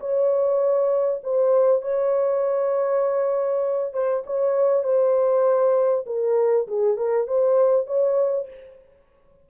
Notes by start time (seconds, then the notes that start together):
0.00 C#5
1.23 C5
1.82 C#5
3.93 C5
4.26 C#5
4.83 C5
6.06 A#4
6.67 G#4
6.97 A#4
7.27 C5
7.87 C#5